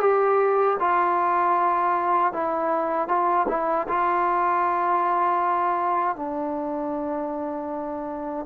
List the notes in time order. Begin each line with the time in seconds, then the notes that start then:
0.00 G4
0.80 F4
2.33 E4
3.08 F4
3.48 E4
3.88 F4
6.16 D4